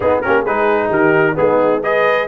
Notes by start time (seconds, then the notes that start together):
0.00 B3 D#4 G#4
0.21 A#3 C#4 G4 A#4
0.42 G#3 D#4 G#4 B4
0.89 D#3 G4 A#4
1.35 G#3 B3 D#4 G#4
1.82 G#4 B4 D#5